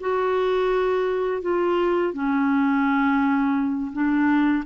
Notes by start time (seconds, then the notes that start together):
0.00 F#4
1.42 F4
2.13 C#4
3.92 D4